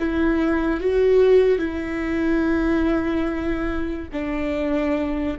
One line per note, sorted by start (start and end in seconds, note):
0.00 0.81 E4
0.81 1.59 F#4
1.59 4.09 E4
4.12 5.37 D4